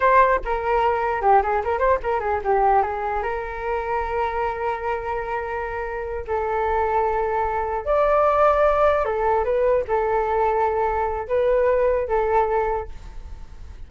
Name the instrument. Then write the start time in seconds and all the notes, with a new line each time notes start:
flute
0.00 C5
0.44 A#4
1.21 G4
1.42 G#4
1.64 A#4
1.78 C5
2.02 A#4
2.20 G#4
2.44 G4
2.82 G#4
3.22 A#4
6.27 A4
7.85 D5
9.05 A4
9.44 B4
9.87 A4
11.28 B4
12.07 A4